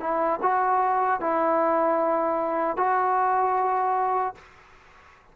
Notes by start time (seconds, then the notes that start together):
0.00 E4
0.42 F#4
1.21 E4
2.77 F#4